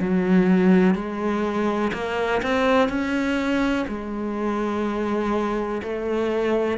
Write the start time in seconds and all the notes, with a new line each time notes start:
0.00 F#3
0.95 G#3
1.94 A#3
2.42 C4
2.89 C#4
3.88 G#3
5.83 A3